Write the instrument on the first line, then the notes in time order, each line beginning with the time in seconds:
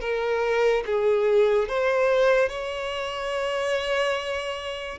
violin
0.00 A#4
0.86 G#4
1.68 C5
2.48 C#5